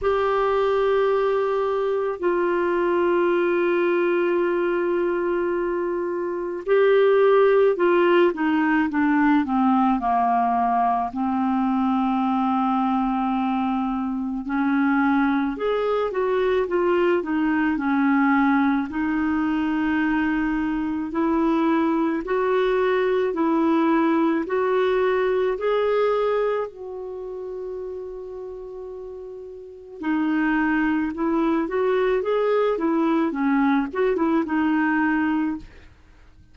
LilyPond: \new Staff \with { instrumentName = "clarinet" } { \time 4/4 \tempo 4 = 54 g'2 f'2~ | f'2 g'4 f'8 dis'8 | d'8 c'8 ais4 c'2~ | c'4 cis'4 gis'8 fis'8 f'8 dis'8 |
cis'4 dis'2 e'4 | fis'4 e'4 fis'4 gis'4 | fis'2. dis'4 | e'8 fis'8 gis'8 e'8 cis'8 fis'16 e'16 dis'4 | }